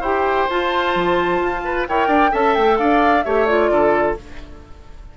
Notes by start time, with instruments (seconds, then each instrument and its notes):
0.00 bassoon E4, clarinet G4, oboe C5, flute G5
0.49 clarinet F4, bassoon F4, flute A5
0.95 bassoon F3
1.40 bassoon F4
1.64 oboe B4
1.88 bassoon E4, clarinet A#4, oboe C#5, flute G5
2.07 bassoon D4, oboe D5
2.31 bassoon C#4, clarinet A4, oboe E5, flute A5
2.54 bassoon A3, flute G5
2.77 bassoon D4, oboe D5, flute F5
3.23 bassoon A3, clarinet G4, oboe C#5, flute E5
3.45 clarinet F4, flute D5
3.70 bassoon D3, oboe A4